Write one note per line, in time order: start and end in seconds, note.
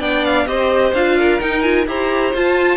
0.00 0.47 B3
0.00 0.47 D4
0.00 0.47 D5
0.00 0.25 G5
0.25 0.47 F5
0.47 0.93 C4
0.47 0.94 G4
0.47 1.18 C5
0.47 0.94 D#5
0.94 1.40 D4
0.94 1.41 F4
0.94 1.41 F5
1.18 1.88 A#4
1.41 1.63 D#4
1.41 1.87 D#4
1.41 1.62 G5
1.62 1.87 F4
1.62 1.85 G#5
1.87 2.34 E4
1.87 2.34 G4
1.87 2.77 C5
1.87 2.36 A#5
2.34 2.77 F4
2.34 2.77 A5